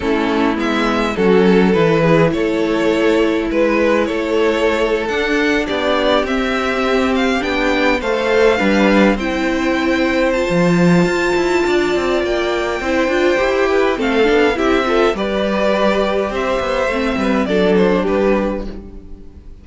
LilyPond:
<<
  \new Staff \with { instrumentName = "violin" } { \time 4/4 \tempo 4 = 103 a'4 e''4 a'4 b'4 | cis''2 b'4 cis''4~ | cis''8. fis''4 d''4 e''4~ e''16~ | e''16 f''8 g''4 f''2 g''16~ |
g''4.~ g''16 a''2~ a''16~ | a''4 g''2. | f''4 e''4 d''2 | e''2 d''8 c''8 b'4 | }
  \new Staff \with { instrumentName = "violin" } { \time 4/4 e'2 fis'8 a'4 gis'8 | a'2 b'4 a'4~ | a'4.~ a'16 g'2~ g'16~ | g'4.~ g'16 c''4 b'4 c''16~ |
c''1 | d''2 c''4. b'8 | a'4 g'8 a'8 b'2 | c''4. b'8 a'4 g'4 | }
  \new Staff \with { instrumentName = "viola" } { \time 4/4 cis'4 b4 cis'4 e'4~ | e'1~ | e'8. d'2 c'4~ c'16~ | c'8. d'4 a'4 d'4 e'16~ |
e'4.~ e'16 f'2~ f'16~ | f'2 e'8 f'8 g'4 | c'8 d'8 e'8 f'8 g'2~ | g'4 c'4 d'2 | }
  \new Staff \with { instrumentName = "cello" } { \time 4/4 a4 gis4 fis4 e4 | a2 gis4 a4~ | a8. d'4 b4 c'4~ c'16~ | c'8. b4 a4 g4 c'16~ |
c'2 f4 f'8 e'8 | d'8 c'8 ais4 c'8 d'8 e'4 | a8 b8 c'4 g2 | c'8 b8 a8 g8 fis4 g4 | }
>>